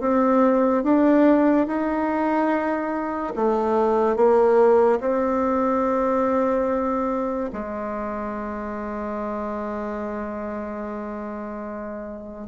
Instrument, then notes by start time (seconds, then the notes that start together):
bassoon
0.00 C4
0.83 D4
1.67 D#4
3.35 A3
4.16 A#3
5.00 C4
7.52 G#3